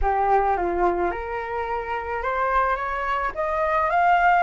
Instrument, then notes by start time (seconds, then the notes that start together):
flute
0.01 G4
0.56 F4
1.11 A#4
2.22 C5
2.76 C#5
3.34 D#5
3.90 F5